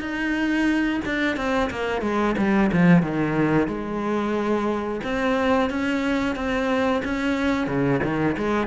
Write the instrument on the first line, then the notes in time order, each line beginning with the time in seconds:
cello
0.00 D#4
1.05 D4
1.36 C4
1.70 A#3
2.01 G#3
2.37 G3
2.72 F3
3.02 D#3
3.67 G#3
5.03 C4
5.69 C#4
6.35 C4
7.04 C#4
7.67 C#3
8.03 D#3
8.37 G#3